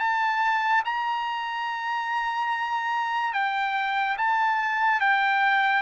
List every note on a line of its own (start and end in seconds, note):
0.00 0.83 A5
0.85 3.34 A#5
3.34 4.17 G5
4.18 5.01 A5
5.01 5.83 G5